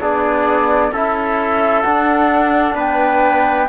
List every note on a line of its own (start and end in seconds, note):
0.00 0.91 B3
0.00 0.92 D4
0.00 0.92 G#4
0.00 0.93 D5
0.91 1.83 C#4
0.91 1.84 E4
0.91 2.75 A4
0.91 1.82 E5
1.82 3.68 D4
1.82 2.74 D4
1.82 2.74 F#5
2.74 3.66 B3
2.74 3.67 B4
2.74 3.68 G5